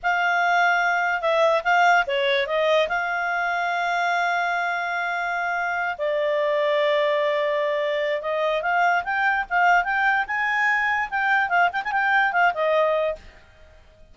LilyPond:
\new Staff \with { instrumentName = "clarinet" } { \time 4/4 \tempo 4 = 146 f''2. e''4 | f''4 cis''4 dis''4 f''4~ | f''1~ | f''2~ f''8 d''4.~ |
d''1 | dis''4 f''4 g''4 f''4 | g''4 gis''2 g''4 | f''8 g''16 gis''16 g''4 f''8 dis''4. | }